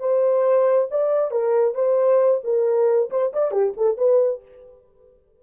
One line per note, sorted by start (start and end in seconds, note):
0.00 0.88 C5
0.90 1.31 D5
1.31 1.75 A#4
1.75 2.41 C5
2.44 3.10 A#4
3.10 3.32 C5
3.33 3.51 D5
3.51 3.73 G4
3.77 3.98 A4
3.98 4.42 B4